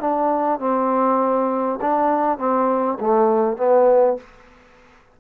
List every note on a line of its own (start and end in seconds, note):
0.00 0.59 D4
0.59 1.79 C4
1.81 2.38 D4
2.38 2.98 C4
3.01 3.57 A3
3.57 4.17 B3